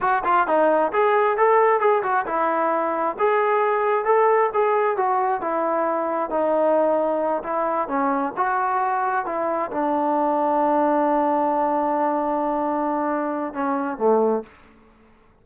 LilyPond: \new Staff \with { instrumentName = "trombone" } { \time 4/4 \tempo 4 = 133 fis'8 f'8 dis'4 gis'4 a'4 | gis'8 fis'8 e'2 gis'4~ | gis'4 a'4 gis'4 fis'4 | e'2 dis'2~ |
dis'8 e'4 cis'4 fis'4.~ | fis'8 e'4 d'2~ d'8~ | d'1~ | d'2 cis'4 a4 | }